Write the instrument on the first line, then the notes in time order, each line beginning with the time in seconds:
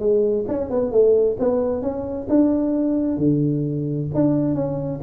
tuba
0.00 G#3
0.48 C#4
0.70 B3
0.92 A3
1.40 B3
1.82 C#4
2.29 D4
3.17 D3
4.14 D4
4.55 C#4